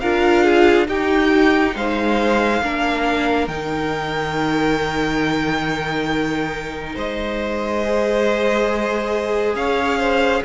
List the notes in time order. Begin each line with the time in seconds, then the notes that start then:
0.00 D4 F4 A#4 F5
0.44 G#4
0.87 D#4 G4 G5
1.76 G#3 C5 F5
2.62 A#3 D4 A#4
3.48 D#3 D#4 G5
6.96 G#3 C5 D#5
7.85 G#4
9.55 C#4 C#5 F5
9.99 C5